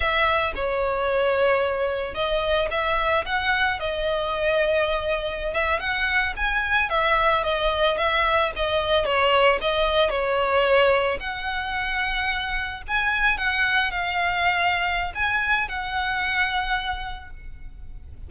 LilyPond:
\new Staff \with { instrumentName = "violin" } { \time 4/4 \tempo 4 = 111 e''4 cis''2. | dis''4 e''4 fis''4 dis''4~ | dis''2~ dis''16 e''8 fis''4 gis''16~ | gis''8. e''4 dis''4 e''4 dis''16~ |
dis''8. cis''4 dis''4 cis''4~ cis''16~ | cis''8. fis''2. gis''16~ | gis''8. fis''4 f''2~ f''16 | gis''4 fis''2. | }